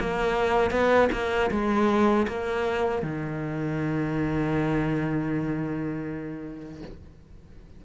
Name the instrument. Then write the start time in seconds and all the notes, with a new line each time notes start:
cello
0.00 A#3
0.70 B3
1.12 A#3
1.51 G#3
2.27 A#3
3.02 D#3